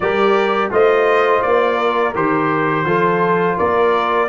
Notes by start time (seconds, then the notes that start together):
0.00 G3 G4 A#4 D5
0.71 A3 F4 C5 D#5
1.42 A#3 D5
1.76 A#4
2.14 D#3 G4 C5
2.85 F3 F4 A4
3.57 A#3 A#4 D5